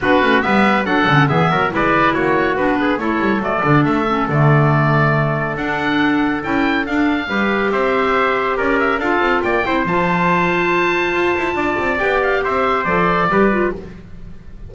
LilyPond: <<
  \new Staff \with { instrumentName = "oboe" } { \time 4/4 \tempo 4 = 140 b'4 e''4 fis''4 e''4 | d''4 cis''4 b'4 cis''4 | d''4 e''4 d''2~ | d''4 fis''2 g''4 |
f''2 e''2 | d''8 e''8 f''4 g''4 a''4~ | a''1 | g''8 f''8 e''4 d''2 | }
  \new Staff \with { instrumentName = "trumpet" } { \time 4/4 fis'4 b'4 a'4 gis'8 ais'8 | b'4 fis'4. gis'8 a'4~ | a'1~ | a'1~ |
a'4 b'4 c''2 | ais'4 a'4 d''8 c''4.~ | c''2. d''4~ | d''4 c''2 b'4 | }
  \new Staff \with { instrumentName = "clarinet" } { \time 4/4 d'8 cis'8 b4 d'8 cis'8 b4 | e'2 d'4 e'4 | a8 d'4 cis'8 a2~ | a4 d'2 e'4 |
d'4 g'2.~ | g'4 f'4. e'8 f'4~ | f'1 | g'2 a'4 g'8 f'8 | }
  \new Staff \with { instrumentName = "double bass" } { \time 4/4 b8 a8 g4 fis8 d8 e8 fis8 | gis4 ais4 b4 a8 g8 | fis8 d8 a4 d2~ | d4 d'2 cis'4 |
d'4 g4 c'2 | cis'4 d'8 c'8 ais8 c'8 f4~ | f2 f'8 e'8 d'8 c'8 | b4 c'4 f4 g4 | }
>>